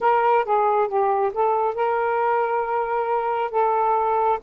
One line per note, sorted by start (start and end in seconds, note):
0.00 0.44 A#4
0.44 0.87 G#4
0.87 1.32 G4
1.33 1.74 A4
1.74 3.51 A#4
3.51 4.39 A4